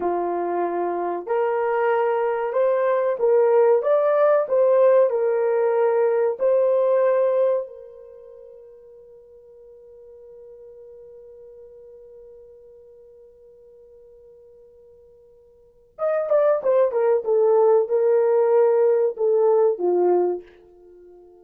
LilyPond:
\new Staff \with { instrumentName = "horn" } { \time 4/4 \tempo 4 = 94 f'2 ais'2 | c''4 ais'4 d''4 c''4 | ais'2 c''2 | ais'1~ |
ais'1~ | ais'1~ | ais'4 dis''8 d''8 c''8 ais'8 a'4 | ais'2 a'4 f'4 | }